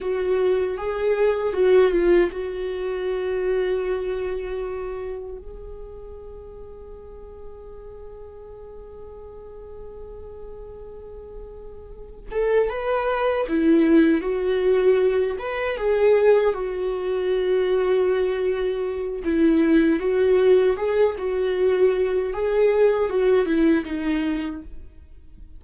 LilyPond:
\new Staff \with { instrumentName = "viola" } { \time 4/4 \tempo 4 = 78 fis'4 gis'4 fis'8 f'8 fis'4~ | fis'2. gis'4~ | gis'1~ | gis'1 |
a'8 b'4 e'4 fis'4. | b'8 gis'4 fis'2~ fis'8~ | fis'4 e'4 fis'4 gis'8 fis'8~ | fis'4 gis'4 fis'8 e'8 dis'4 | }